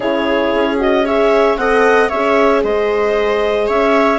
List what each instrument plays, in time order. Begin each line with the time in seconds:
0.00 bassoon C#3, horn E4, viola G#4, clarinet C#5
0.54 bassoon C#4
0.78 horn F#4, clarinet D#5
1.05 horn G#4, viola C#5, clarinet E5
1.57 bassoon C4, horn A4, viola D#5, clarinet F#5
2.09 bassoon C#4, horn G#4, viola C#5, clarinet E5
2.63 bassoon G#3, viola C5, clarinet D#5
3.66 bassoon C#4, viola C#5, clarinet E5